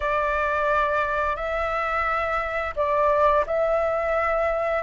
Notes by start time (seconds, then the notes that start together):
0.00 D5
1.36 E5
2.76 D5
3.46 E5